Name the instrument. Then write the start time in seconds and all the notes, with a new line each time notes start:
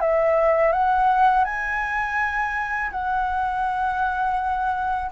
flute
0.00 E5
0.72 F#5
1.44 G#5
2.91 F#5